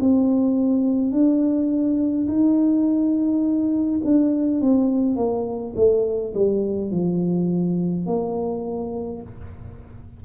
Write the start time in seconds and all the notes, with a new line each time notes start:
0.00 C4
1.12 D4
2.28 D#4
4.04 D4
4.62 C4
5.16 A#3
5.76 A3
6.35 G3
6.91 F3
8.07 A#3